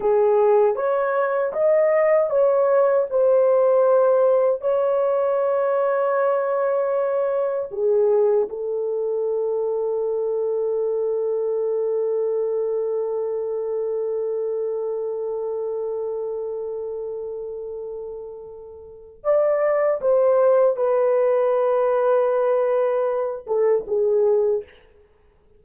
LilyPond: \new Staff \with { instrumentName = "horn" } { \time 4/4 \tempo 4 = 78 gis'4 cis''4 dis''4 cis''4 | c''2 cis''2~ | cis''2 gis'4 a'4~ | a'1~ |
a'1~ | a'1~ | a'4 d''4 c''4 b'4~ | b'2~ b'8 a'8 gis'4 | }